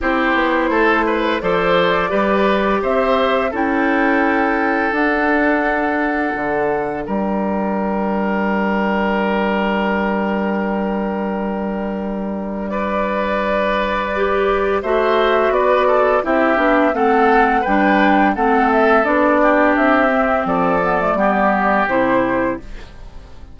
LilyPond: <<
  \new Staff \with { instrumentName = "flute" } { \time 4/4 \tempo 4 = 85 c''2 d''2 | e''4 g''2 fis''4~ | fis''2 g''2~ | g''1~ |
g''2 d''2~ | d''4 e''4 d''4 e''4 | fis''4 g''4 fis''8 e''8 d''4 | e''4 d''2 c''4 | }
  \new Staff \with { instrumentName = "oboe" } { \time 4/4 g'4 a'8 b'8 c''4 b'4 | c''4 a'2.~ | a'2 ais'2~ | ais'1~ |
ais'2 b'2~ | b'4 c''4 b'8 a'8 g'4 | a'4 b'4 a'4. g'8~ | g'4 a'4 g'2 | }
  \new Staff \with { instrumentName = "clarinet" } { \time 4/4 e'2 a'4 g'4~ | g'4 e'2 d'4~ | d'1~ | d'1~ |
d'1 | g'4 fis'2 e'8 d'8 | c'4 d'4 c'4 d'4~ | d'8 c'4 b16 a16 b4 e'4 | }
  \new Staff \with { instrumentName = "bassoon" } { \time 4/4 c'8 b8 a4 f4 g4 | c'4 cis'2 d'4~ | d'4 d4 g2~ | g1~ |
g1~ | g4 a4 b4 c'8 b8 | a4 g4 a4 b4 | c'4 f4 g4 c4 | }
>>